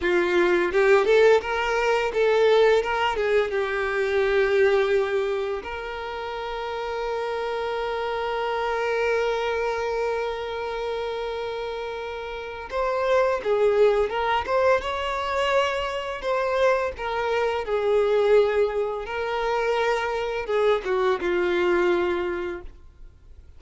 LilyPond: \new Staff \with { instrumentName = "violin" } { \time 4/4 \tempo 4 = 85 f'4 g'8 a'8 ais'4 a'4 | ais'8 gis'8 g'2. | ais'1~ | ais'1~ |
ais'2 c''4 gis'4 | ais'8 c''8 cis''2 c''4 | ais'4 gis'2 ais'4~ | ais'4 gis'8 fis'8 f'2 | }